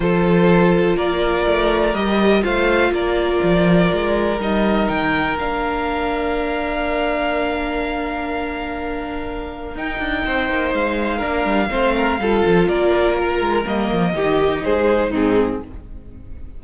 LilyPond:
<<
  \new Staff \with { instrumentName = "violin" } { \time 4/4 \tempo 4 = 123 c''2 d''2 | dis''4 f''4 d''2~ | d''4 dis''4 g''4 f''4~ | f''1~ |
f''1 | g''2 f''2~ | f''2 d''4 ais'4 | dis''2 c''4 gis'4 | }
  \new Staff \with { instrumentName = "violin" } { \time 4/4 a'2 ais'2~ | ais'4 c''4 ais'2~ | ais'1~ | ais'1~ |
ais'1~ | ais'4 c''2 ais'4 | c''8 ais'8 a'4 ais'2~ | ais'4 g'4 gis'4 dis'4 | }
  \new Staff \with { instrumentName = "viola" } { \time 4/4 f'1 | g'4 f'2.~ | f'4 dis'2 d'4~ | d'1~ |
d'1 | dis'2. d'4 | c'4 f'2. | ais4 dis'2 c'4 | }
  \new Staff \with { instrumentName = "cello" } { \time 4/4 f2 ais4 a4 | g4 a4 ais4 f4 | gis4 g4 dis4 ais4~ | ais1~ |
ais1 | dis'8 d'8 c'8 ais8 gis4 ais8 g8 | a4 g8 f8 ais4. gis8 | g8 f8 dis4 gis4 gis,4 | }
>>